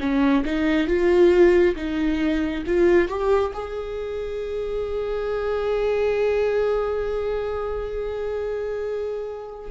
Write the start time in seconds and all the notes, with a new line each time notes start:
0.00 C#4
0.45 D#4
0.87 F4
1.76 D#4
2.67 F4
3.08 G4
3.54 G#4